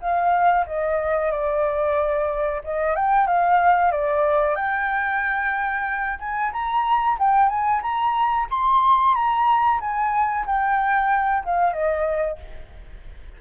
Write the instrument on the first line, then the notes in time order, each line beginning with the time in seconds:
flute
0.00 F5
0.66 D#5
1.31 D5
2.64 D#5
2.95 G5
3.27 F5
3.91 D5
4.55 G5
6.19 G#5
6.52 A#5
7.19 G5
7.49 G#5
7.82 A#5
8.50 C6
9.15 A#5
9.80 G#5
10.46 G5
11.45 F5
11.72 D#5